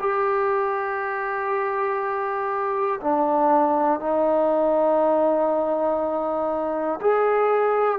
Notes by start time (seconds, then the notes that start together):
0.00 G4
3.00 D4
4.00 D#4
7.01 G#4